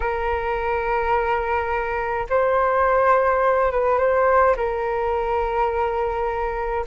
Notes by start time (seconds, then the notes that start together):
0.00 A#4
2.29 C5
3.71 B4
3.98 C5
4.56 A#4